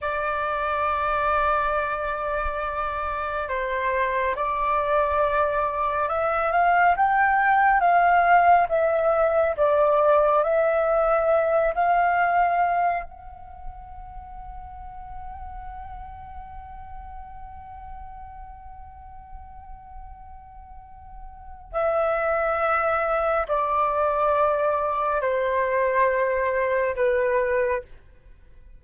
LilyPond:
\new Staff \with { instrumentName = "flute" } { \time 4/4 \tempo 4 = 69 d''1 | c''4 d''2 e''8 f''8 | g''4 f''4 e''4 d''4 | e''4. f''4. fis''4~ |
fis''1~ | fis''1~ | fis''4 e''2 d''4~ | d''4 c''2 b'4 | }